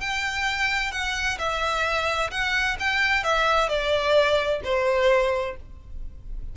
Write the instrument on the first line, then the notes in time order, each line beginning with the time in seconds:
violin
0.00 G5
0.91 F#5
1.38 E5
2.31 F#5
2.79 G5
3.23 E5
3.69 D5
4.64 C5